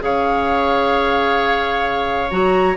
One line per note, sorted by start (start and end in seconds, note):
0.00 2.30 C#3
0.00 2.29 G#4
0.00 2.77 C#5
0.00 2.31 F5
2.31 2.77 F#3
2.31 2.76 F#4
2.31 2.77 A#5